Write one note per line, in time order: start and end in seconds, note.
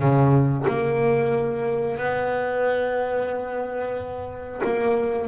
0.00 0.66 C#3
0.68 1.98 A#3
1.98 4.61 B3
4.64 5.28 A#3